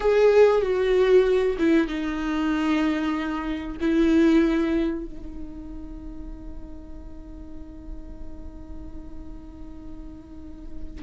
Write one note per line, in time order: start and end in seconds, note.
0.00 0.62 G#4
0.62 1.56 F#4
1.58 1.87 E4
1.87 3.77 D#4
3.80 5.05 E4
5.05 11.03 D#4